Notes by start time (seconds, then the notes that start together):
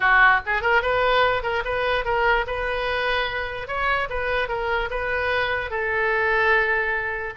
0.00 F#4
0.45 G#4
0.61 A#4
0.82 B4
1.42 A#4
1.64 B4
2.04 A#4
2.47 B4
3.67 C#5
4.09 B4
4.48 A#4
4.90 B4
5.70 A4